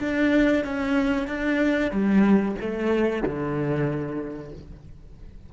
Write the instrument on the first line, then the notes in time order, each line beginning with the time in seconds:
cello
0.00 D4
0.65 C#4
1.28 D4
1.91 G3
2.61 A3
3.23 D3